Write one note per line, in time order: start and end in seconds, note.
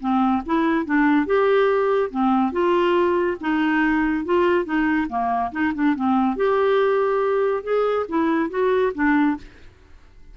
0.00 0.43 C4
0.46 0.85 E4
0.85 1.26 D4
1.26 2.10 G4
2.10 2.52 C4
2.52 3.37 F4
3.41 4.25 D#4
4.25 4.65 F4
4.65 5.07 D#4
5.09 5.51 A#3
5.52 5.73 D#4
5.74 5.95 D4
5.95 6.36 C4
6.36 7.63 G4
7.63 8.06 G#4
8.09 8.50 E4
8.50 8.92 F#4
8.95 9.37 D4